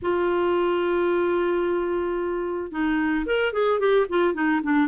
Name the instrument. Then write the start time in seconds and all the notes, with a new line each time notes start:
clarinet
0.01 F4
2.71 D#4
3.26 A#4
3.52 G#4
3.79 G4
4.09 F4
4.34 D#4
4.63 D4